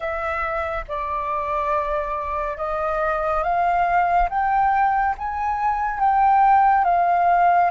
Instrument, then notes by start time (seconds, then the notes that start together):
flute
0.00 E5
0.88 D5
2.57 D#5
3.43 F5
4.29 G5
5.17 G#5
5.99 G5
6.84 F5